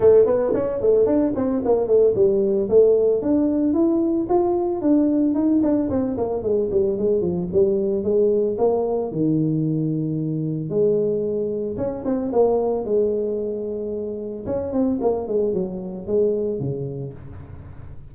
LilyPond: \new Staff \with { instrumentName = "tuba" } { \time 4/4 \tempo 4 = 112 a8 b8 cis'8 a8 d'8 c'8 ais8 a8 | g4 a4 d'4 e'4 | f'4 d'4 dis'8 d'8 c'8 ais8 | gis8 g8 gis8 f8 g4 gis4 |
ais4 dis2. | gis2 cis'8 c'8 ais4 | gis2. cis'8 c'8 | ais8 gis8 fis4 gis4 cis4 | }